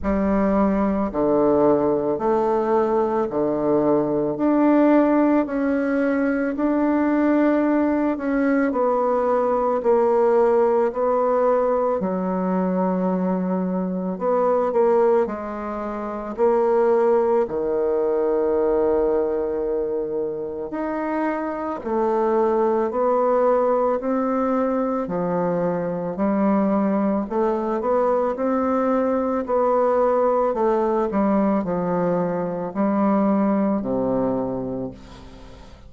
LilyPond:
\new Staff \with { instrumentName = "bassoon" } { \time 4/4 \tempo 4 = 55 g4 d4 a4 d4 | d'4 cis'4 d'4. cis'8 | b4 ais4 b4 fis4~ | fis4 b8 ais8 gis4 ais4 |
dis2. dis'4 | a4 b4 c'4 f4 | g4 a8 b8 c'4 b4 | a8 g8 f4 g4 c4 | }